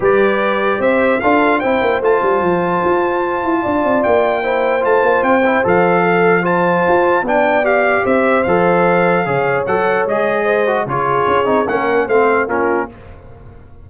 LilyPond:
<<
  \new Staff \with { instrumentName = "trumpet" } { \time 4/4 \tempo 4 = 149 d''2 e''4 f''4 | g''4 a''2.~ | a''2 g''2 | a''4 g''4 f''2 |
a''2 g''4 f''4 | e''4 f''2. | fis''4 dis''2 cis''4~ | cis''4 fis''4 f''4 ais'4 | }
  \new Staff \with { instrumentName = "horn" } { \time 4/4 b'2 c''4 a'4 | c''1~ | c''4 d''2 c''4~ | c''2. a'4 |
c''2 d''2 | c''2. cis''4~ | cis''2 c''4 gis'4~ | gis'4 ais'4 c''4 f'4 | }
  \new Staff \with { instrumentName = "trombone" } { \time 4/4 g'2. f'4 | e'4 f'2.~ | f'2. e'4 | f'4. e'8 a'2 |
f'2 d'4 g'4~ | g'4 a'2 gis'4 | a'4 gis'4. fis'8 f'4~ | f'8 dis'8 cis'4 c'4 cis'4 | }
  \new Staff \with { instrumentName = "tuba" } { \time 4/4 g2 c'4 d'4 | c'8 ais8 a8 g8 f4 f'4~ | f'8 e'8 d'8 c'8 ais2 | a8 ais8 c'4 f2~ |
f4 f'4 b2 | c'4 f2 cis4 | fis4 gis2 cis4 | cis'8 c'8 ais4 a4 ais4 | }
>>